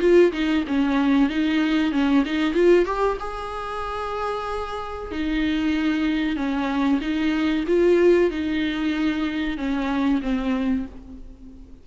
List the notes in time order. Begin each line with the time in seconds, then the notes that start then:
0.00 F4
0.32 D#4
0.67 C#4
1.29 D#4
1.92 C#4
2.26 D#4
2.54 F4
2.85 G4
3.20 G#4
5.12 D#4
6.36 C#4
7.01 D#4
7.68 F4
8.31 D#4
9.57 C#4
10.22 C4